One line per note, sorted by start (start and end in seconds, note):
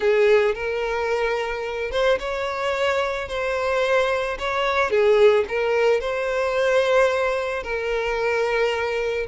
0.00 0.55 G#4
0.55 1.91 A#4
1.91 2.18 C5
2.19 3.28 C#5
3.28 4.37 C5
4.38 4.90 C#5
4.90 5.44 G#4
5.48 6.00 A#4
6.00 7.63 C5
7.63 9.26 A#4